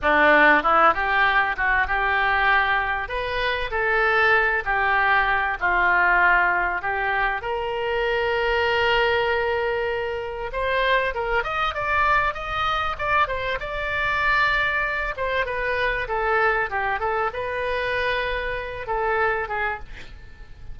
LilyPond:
\new Staff \with { instrumentName = "oboe" } { \time 4/4 \tempo 4 = 97 d'4 e'8 g'4 fis'8 g'4~ | g'4 b'4 a'4. g'8~ | g'4 f'2 g'4 | ais'1~ |
ais'4 c''4 ais'8 dis''8 d''4 | dis''4 d''8 c''8 d''2~ | d''8 c''8 b'4 a'4 g'8 a'8 | b'2~ b'8 a'4 gis'8 | }